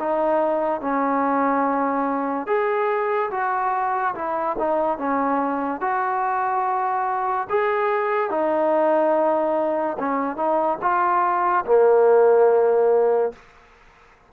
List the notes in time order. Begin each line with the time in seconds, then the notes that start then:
0.00 D#4
0.81 C#4
2.47 G#4
3.31 F#4
4.15 E4
4.59 D#4
4.98 C#4
5.81 F#4
7.50 G#4
8.31 D#4
9.99 C#4
10.37 D#4
10.82 F4
11.66 A#3